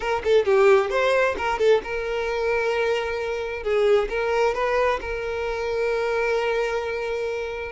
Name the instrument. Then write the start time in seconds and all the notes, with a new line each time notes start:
violin
0.00 A#4
0.24 A4
0.45 G4
0.90 C5
1.37 A#4
1.58 A4
1.83 A#4
3.63 G#4
4.09 A#4
4.54 B4
5.00 A#4